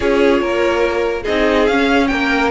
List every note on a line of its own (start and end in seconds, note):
0.00 0.41 C#4
0.00 1.24 F4
0.00 0.42 G#4
0.00 1.23 C#5
0.41 1.25 A#3
0.41 1.22 A#4
1.22 1.69 C4
1.22 1.69 D#4
1.22 2.06 G#4
1.22 1.66 D#5
1.66 2.10 C#4
1.66 2.51 C#4
1.66 2.07 F5
2.07 2.51 A#3
2.07 2.51 A#4
2.07 2.49 G5